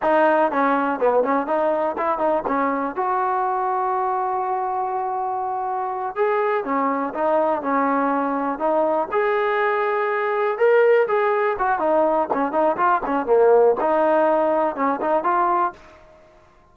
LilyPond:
\new Staff \with { instrumentName = "trombone" } { \time 4/4 \tempo 4 = 122 dis'4 cis'4 b8 cis'8 dis'4 | e'8 dis'8 cis'4 fis'2~ | fis'1~ | fis'8 gis'4 cis'4 dis'4 cis'8~ |
cis'4. dis'4 gis'4.~ | gis'4. ais'4 gis'4 fis'8 | dis'4 cis'8 dis'8 f'8 cis'8 ais4 | dis'2 cis'8 dis'8 f'4 | }